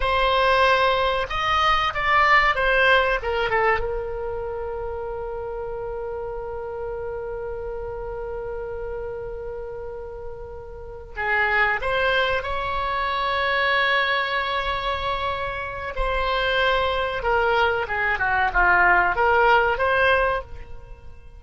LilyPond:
\new Staff \with { instrumentName = "oboe" } { \time 4/4 \tempo 4 = 94 c''2 dis''4 d''4 | c''4 ais'8 a'8 ais'2~ | ais'1~ | ais'1~ |
ais'4. gis'4 c''4 cis''8~ | cis''1~ | cis''4 c''2 ais'4 | gis'8 fis'8 f'4 ais'4 c''4 | }